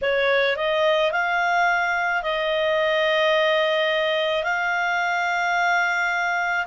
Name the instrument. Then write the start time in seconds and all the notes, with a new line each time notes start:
clarinet
0.02 C#5
0.56 D#5
1.11 F5
2.22 D#5
4.43 F5